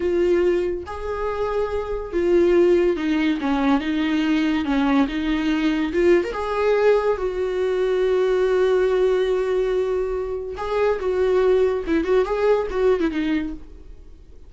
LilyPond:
\new Staff \with { instrumentName = "viola" } { \time 4/4 \tempo 4 = 142 f'2 gis'2~ | gis'4 f'2 dis'4 | cis'4 dis'2 cis'4 | dis'2 f'8. ais'16 gis'4~ |
gis'4 fis'2.~ | fis'1~ | fis'4 gis'4 fis'2 | e'8 fis'8 gis'4 fis'8. e'16 dis'4 | }